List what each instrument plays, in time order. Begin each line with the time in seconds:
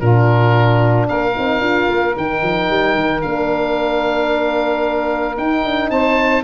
0.00 tuba A#2, horn D4, saxophone F4, oboe A#4
1.08 tuba A#3, saxophone A#4, oboe F5
1.35 tuba C4, horn D#4
1.60 tuba D4, horn F4
1.89 tuba A#3
2.17 tuba D#3, horn D#4, oboe G5
2.42 tuba F3
2.70 tuba G3
2.95 tuba D#3
3.22 tuba A#3, horn D4, oboe F5
5.37 horn D#4, tuba D#4, oboe G5
5.65 tuba D4
5.90 tuba C4, saxophone C5, oboe A5